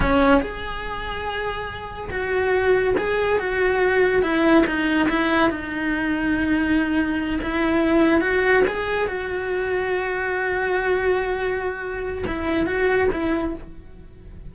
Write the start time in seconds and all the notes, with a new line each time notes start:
0.00 C#4
0.40 G#4
2.10 F#4
2.97 G#4
3.39 F#4
4.22 E4
4.66 D#4
5.09 E4
5.49 D#4
7.42 E4
8.20 F#4
8.67 G#4
9.07 F#4
12.26 E4
12.66 F#4
13.12 E4